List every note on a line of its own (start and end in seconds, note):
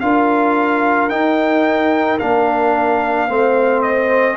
0.00 1.10 D4
0.00 1.10 F4
0.00 3.27 A#4
0.00 1.09 F5
1.09 2.19 D#4
1.09 2.18 G5
2.19 3.29 A#3
2.19 3.29 D4
2.19 3.82 F5
3.27 4.37 A3
3.27 4.37 C4
3.27 4.37 C5
3.82 4.37 D#5